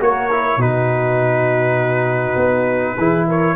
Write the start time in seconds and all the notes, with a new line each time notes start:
0.00 A#3 F#4 A#4 C#5
0.31 E4
0.57 B2 D#4 F#4 B4
2.36 B3
2.97 E3 E4 G#4
3.28 A#4 C#5